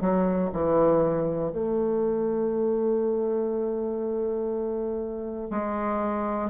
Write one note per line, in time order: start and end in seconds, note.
0.00 0.50 F#3
0.52 1.52 E3
1.52 5.50 A3
5.50 6.50 G#3